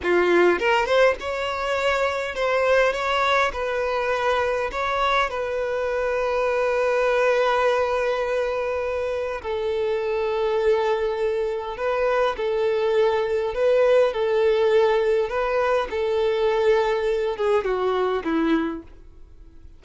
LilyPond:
\new Staff \with { instrumentName = "violin" } { \time 4/4 \tempo 4 = 102 f'4 ais'8 c''8 cis''2 | c''4 cis''4 b'2 | cis''4 b'2.~ | b'1 |
a'1 | b'4 a'2 b'4 | a'2 b'4 a'4~ | a'4. gis'8 fis'4 e'4 | }